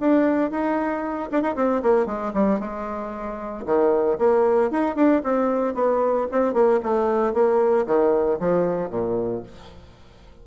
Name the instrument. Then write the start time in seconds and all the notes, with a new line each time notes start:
bassoon
0.00 D4
0.51 D#4
1.32 D4
1.42 D#4
1.56 C4
1.83 A#3
2.06 G#3
2.34 G3
2.60 G#3
3.66 D#3
4.18 A#3
4.71 D#4
4.96 D4
5.24 C4
5.75 B3
6.32 C4
6.54 A#3
6.83 A3
7.34 A#3
7.86 D#3
8.40 F3
8.90 A#2